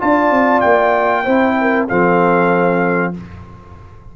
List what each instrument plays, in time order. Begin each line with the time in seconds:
0.00 tuba D4, trombone F4, horn D5, trumpet A5
0.31 tuba C4
0.61 tuba A#3, trumpet G5
1.24 tuba C4, trombone E4, horn C5
1.61 horn A#4
1.88 tuba F3, trombone C4, horn A4, trumpet F5